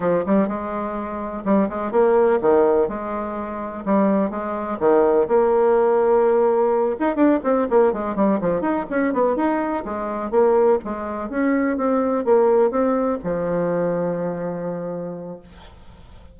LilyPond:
\new Staff \with { instrumentName = "bassoon" } { \time 4/4 \tempo 4 = 125 f8 g8 gis2 g8 gis8 | ais4 dis4 gis2 | g4 gis4 dis4 ais4~ | ais2~ ais8 dis'8 d'8 c'8 |
ais8 gis8 g8 f8 dis'8 cis'8 b8 dis'8~ | dis'8 gis4 ais4 gis4 cis'8~ | cis'8 c'4 ais4 c'4 f8~ | f1 | }